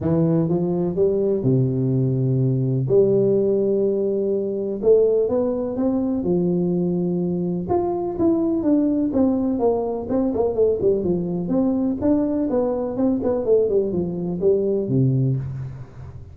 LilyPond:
\new Staff \with { instrumentName = "tuba" } { \time 4/4 \tempo 4 = 125 e4 f4 g4 c4~ | c2 g2~ | g2 a4 b4 | c'4 f2. |
f'4 e'4 d'4 c'4 | ais4 c'8 ais8 a8 g8 f4 | c'4 d'4 b4 c'8 b8 | a8 g8 f4 g4 c4 | }